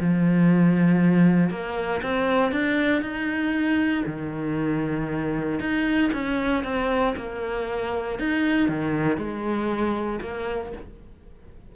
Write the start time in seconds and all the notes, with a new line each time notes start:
0.00 F3
1.50 A#3
2.03 C4
2.52 D4
3.02 D#4
4.06 D#3
5.60 D#4
6.13 C#4
6.64 C4
7.17 A#3
8.19 D#4
8.69 D#3
9.17 G#3
10.22 A#3